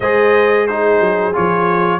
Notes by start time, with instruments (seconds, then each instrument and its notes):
0.00 tuba G#3, trombone G#4, horn C5, trumpet D#5
0.66 trombone D#4, horn G#4, trumpet C5
1.00 tuba F#3
1.33 tuba F3, trombone F4, trumpet C#5